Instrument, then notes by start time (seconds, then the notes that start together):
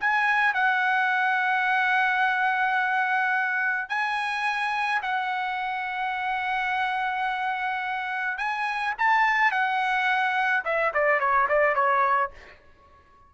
trumpet
0.00 G#5
0.54 F#5
3.89 G#5
5.02 F#5
8.38 G#5
8.98 A5
9.51 F#5
10.65 E5
10.93 D5
11.19 C#5
11.49 D5
11.75 C#5